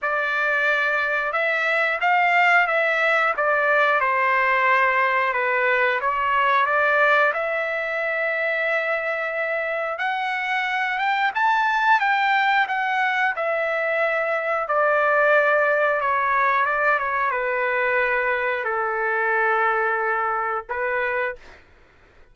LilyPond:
\new Staff \with { instrumentName = "trumpet" } { \time 4/4 \tempo 4 = 90 d''2 e''4 f''4 | e''4 d''4 c''2 | b'4 cis''4 d''4 e''4~ | e''2. fis''4~ |
fis''8 g''8 a''4 g''4 fis''4 | e''2 d''2 | cis''4 d''8 cis''8 b'2 | a'2. b'4 | }